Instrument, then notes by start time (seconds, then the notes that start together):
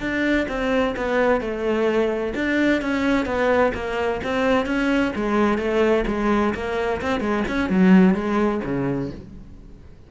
cello
0.00 D4
0.48 C4
0.96 B3
1.41 A3
2.35 D4
2.81 C#4
3.26 B3
3.74 A#3
4.24 C4
4.66 C#4
5.15 G#3
5.58 A3
6.07 G#3
6.54 A#3
7.01 C4
7.20 G#3
7.48 C#4
7.69 F#3
8.14 G#3
8.64 C#3